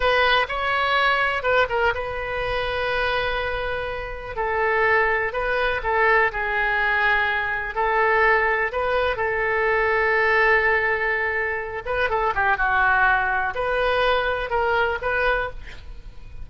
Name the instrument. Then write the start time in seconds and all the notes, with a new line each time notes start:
oboe
0.00 B4
0.48 C#5
1.42 B4
1.69 A#4
1.94 B4
4.35 A4
5.32 B4
5.83 A4
6.32 G#4
7.74 A4
8.72 B4
9.16 A4
11.85 B4
12.09 A4
12.35 G4
12.57 F#4
13.54 B4
14.50 A#4
15.01 B4